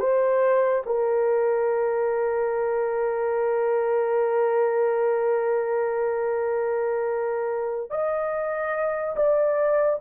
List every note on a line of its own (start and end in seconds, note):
0.00 0.83 C5
0.87 7.91 A#4
7.91 9.16 D#5
9.17 10.00 D5